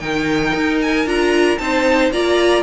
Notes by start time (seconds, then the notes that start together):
0.00 D#3 D#4 A#4 G5
0.55 D#4
0.82 G#5
1.06 D4 F4 A#5
1.59 C4 D#4 C5 A5
2.11 A#3 F4 D5 A#5